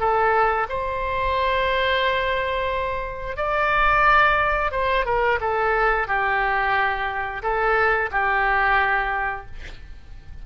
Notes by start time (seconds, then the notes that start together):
0.00 A4
0.70 C5
3.37 D5
4.72 C5
5.06 A#4
5.41 A4
6.08 G4
7.43 A4
8.12 G4